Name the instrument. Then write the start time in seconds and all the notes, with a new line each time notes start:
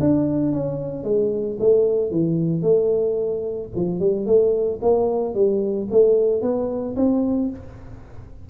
tuba
0.00 D4
0.52 C#4
1.04 G#3
1.59 A3
2.11 E3
2.62 A3
3.75 F3
4.00 G3
4.26 A3
4.82 A#3
5.34 G3
5.91 A3
6.42 B3
6.96 C4